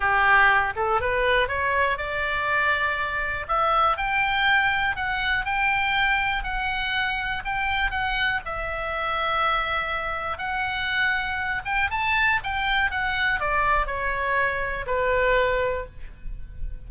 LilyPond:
\new Staff \with { instrumentName = "oboe" } { \time 4/4 \tempo 4 = 121 g'4. a'8 b'4 cis''4 | d''2. e''4 | g''2 fis''4 g''4~ | g''4 fis''2 g''4 |
fis''4 e''2.~ | e''4 fis''2~ fis''8 g''8 | a''4 g''4 fis''4 d''4 | cis''2 b'2 | }